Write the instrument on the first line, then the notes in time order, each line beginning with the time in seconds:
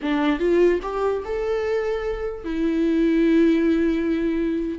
viola
0.01 D4
0.39 F4
0.82 G4
1.24 A4
2.44 E4